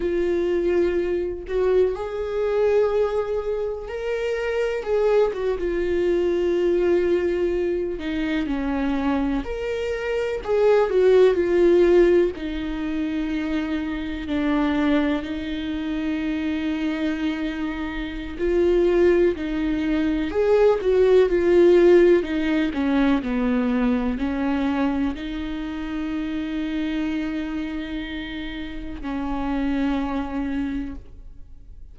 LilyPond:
\new Staff \with { instrumentName = "viola" } { \time 4/4 \tempo 4 = 62 f'4. fis'8 gis'2 | ais'4 gis'8 fis'16 f'2~ f'16~ | f'16 dis'8 cis'4 ais'4 gis'8 fis'8 f'16~ | f'8. dis'2 d'4 dis'16~ |
dis'2. f'4 | dis'4 gis'8 fis'8 f'4 dis'8 cis'8 | b4 cis'4 dis'2~ | dis'2 cis'2 | }